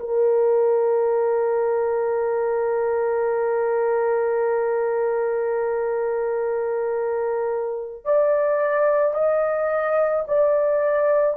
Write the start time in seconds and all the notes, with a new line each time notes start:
0.00 A#4
8.05 D5
9.14 D#5
10.28 D5